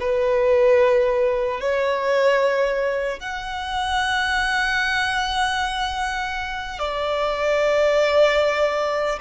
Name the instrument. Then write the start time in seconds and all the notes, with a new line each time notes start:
violin
0.00 B4
1.60 C#5
3.20 F#5
6.79 D5